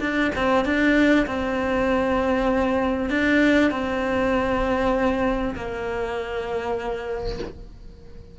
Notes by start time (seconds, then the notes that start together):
0.00 D4
0.35 C4
0.65 D4
1.27 C4
3.09 D4
3.71 C4
5.55 A#3